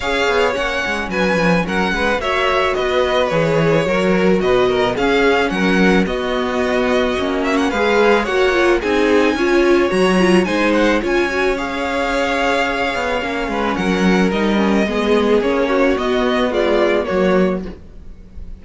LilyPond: <<
  \new Staff \with { instrumentName = "violin" } { \time 4/4 \tempo 4 = 109 f''4 fis''4 gis''4 fis''4 | e''4 dis''4 cis''2 | dis''4 f''4 fis''4 dis''4~ | dis''4. e''16 fis''16 f''4 fis''4 |
gis''2 ais''4 gis''8 fis''8 | gis''4 f''2.~ | f''4 fis''4 dis''2 | cis''4 dis''4 d''4 cis''4 | }
  \new Staff \with { instrumentName = "violin" } { \time 4/4 cis''2 b'4 ais'8 b'8 | cis''4 b'2 ais'4 | b'8 ais'8 gis'4 ais'4 fis'4~ | fis'2 b'4 cis''4 |
gis'4 cis''2 c''4 | cis''1~ | cis''8 b'8 ais'2 gis'4~ | gis'8 fis'4. f'4 fis'4 | }
  \new Staff \with { instrumentName = "viola" } { \time 4/4 gis'4 cis'2. | fis'2 gis'4 fis'4~ | fis'4 cis'2 b4~ | b4 cis'4 gis'4 fis'8 f'8 |
dis'4 f'4 fis'8 f'8 dis'4 | f'8 fis'8 gis'2. | cis'2 dis'8 cis'8 b4 | cis'4 b4 gis4 ais4 | }
  \new Staff \with { instrumentName = "cello" } { \time 4/4 cis'8 b8 ais8 gis8 fis8 f8 fis8 gis8 | ais4 b4 e4 fis4 | b,4 cis'4 fis4 b4~ | b4 ais4 gis4 ais4 |
c'4 cis'4 fis4 gis4 | cis'2.~ cis'8 b8 | ais8 gis8 fis4 g4 gis4 | ais4 b2 fis4 | }
>>